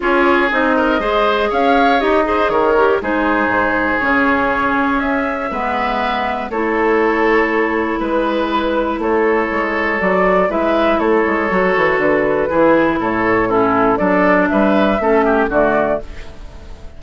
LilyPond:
<<
  \new Staff \with { instrumentName = "flute" } { \time 4/4 \tempo 4 = 120 cis''4 dis''2 f''4 | dis''4 cis''4 c''2 | cis''2 e''2~ | e''4 cis''2. |
b'2 cis''2 | d''4 e''4 cis''2 | b'2 cis''4 a'4 | d''4 e''2 d''4 | }
  \new Staff \with { instrumentName = "oboe" } { \time 4/4 gis'4. ais'8 c''4 cis''4~ | cis''8 c''8 ais'4 gis'2~ | gis'2. b'4~ | b'4 a'2. |
b'2 a'2~ | a'4 b'4 a'2~ | a'4 gis'4 a'4 e'4 | a'4 b'4 a'8 g'8 fis'4 | }
  \new Staff \with { instrumentName = "clarinet" } { \time 4/4 f'4 dis'4 gis'2 | g'8 gis'4 g'8 dis'2 | cis'2. b4~ | b4 e'2.~ |
e'1 | fis'4 e'2 fis'4~ | fis'4 e'2 cis'4 | d'2 cis'4 a4 | }
  \new Staff \with { instrumentName = "bassoon" } { \time 4/4 cis'4 c'4 gis4 cis'4 | dis'4 dis4 gis4 gis,4 | cis2 cis'4 gis4~ | gis4 a2. |
gis2 a4 gis4 | fis4 gis4 a8 gis8 fis8 e8 | d4 e4 a,2 | fis4 g4 a4 d4 | }
>>